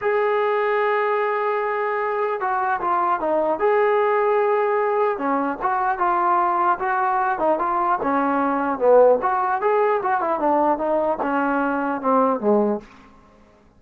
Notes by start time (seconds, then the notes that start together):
0.01 G#4
2.40 F#4
2.81 F4
3.19 D#4
3.59 G#4
5.18 C#4
5.61 F#4
5.98 F4
6.79 F#4
7.38 D#4
7.58 F4
8.02 C#4
8.79 B3
9.22 F#4
9.61 G#4
10.02 F#4
10.21 E4
10.39 D4
10.78 D#4
11.22 C#4
12.01 C4
12.40 G#3